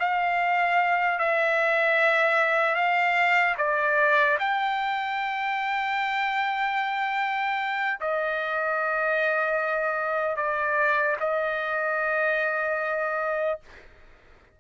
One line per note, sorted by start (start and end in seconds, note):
0.00 1.19 F5
1.19 2.76 E5
2.76 3.56 F5
3.58 4.38 D5
4.40 8.00 G5
8.01 10.37 D#5
10.37 11.17 D5
11.21 13.61 D#5